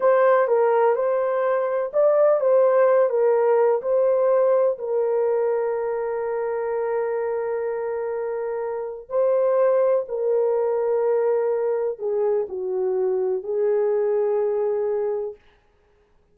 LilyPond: \new Staff \with { instrumentName = "horn" } { \time 4/4 \tempo 4 = 125 c''4 ais'4 c''2 | d''4 c''4. ais'4. | c''2 ais'2~ | ais'1~ |
ais'2. c''4~ | c''4 ais'2.~ | ais'4 gis'4 fis'2 | gis'1 | }